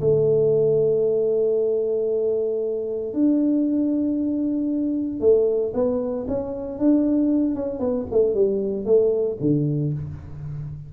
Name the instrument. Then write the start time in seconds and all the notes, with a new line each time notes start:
tuba
0.00 A3
3.13 D4
5.20 A3
5.73 B3
6.28 C#4
6.78 D4
7.54 C#4
7.79 B3
8.11 A3
8.34 G3
8.85 A3
9.40 D3